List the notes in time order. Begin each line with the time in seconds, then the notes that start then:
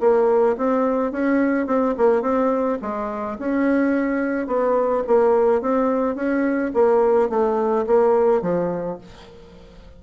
0.00 A#3
0.57 C4
1.11 C#4
1.66 C4
1.97 A#3
2.22 C4
2.81 G#3
3.38 C#4
4.47 B3
5.07 A#3
5.61 C4
6.15 C#4
6.73 A#3
7.29 A3
7.86 A#3
8.42 F3